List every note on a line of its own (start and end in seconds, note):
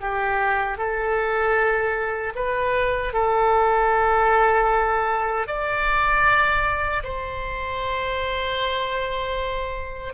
0.00 0.77 G4
0.77 2.33 A4
2.35 3.13 B4
3.13 5.47 A4
5.47 7.03 D5
7.03 10.13 C5